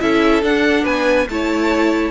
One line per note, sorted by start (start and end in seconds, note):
0.00 0.43 C#4
0.00 0.42 E4
0.00 0.83 A4
0.00 0.43 E5
0.42 1.27 D4
0.42 0.85 D4
0.42 0.85 F#5
0.83 1.27 B3
0.83 1.25 B4
0.83 1.28 G#5
1.29 2.11 A3
1.29 2.11 E4
1.29 2.11 C#5
1.29 2.11 A5